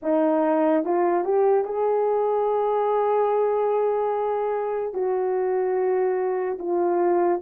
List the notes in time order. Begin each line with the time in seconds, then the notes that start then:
0.02 D#4
0.84 F4
1.24 G4
1.64 G#4
4.93 F#4
6.58 F4